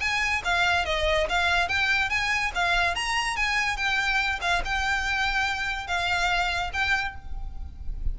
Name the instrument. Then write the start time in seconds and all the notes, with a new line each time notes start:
violin
0.00 G#5
0.44 F5
0.85 D#5
1.29 F5
1.68 G5
2.09 G#5
2.54 F5
2.95 A#5
3.36 G#5
3.77 G5
4.41 F5
4.64 G5
5.87 F5
6.73 G5